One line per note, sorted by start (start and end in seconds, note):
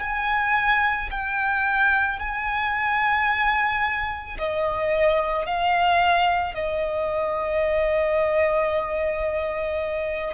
0.00 1.09 G#5
1.11 2.19 G5
2.19 4.37 G#5
4.38 5.45 D#5
5.45 6.54 F5
6.54 10.34 D#5